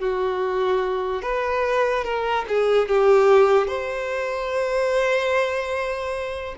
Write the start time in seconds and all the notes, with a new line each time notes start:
0.00 F#4
1.23 B4
2.04 A#4
2.48 G#4
2.89 G4
3.68 C5